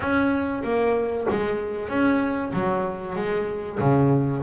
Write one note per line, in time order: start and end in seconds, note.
0.00 0.63 C#4
0.63 1.26 A#3
1.30 1.88 G#3
1.88 2.51 C#4
2.53 3.16 F#3
3.16 3.79 G#3
3.79 4.42 C#3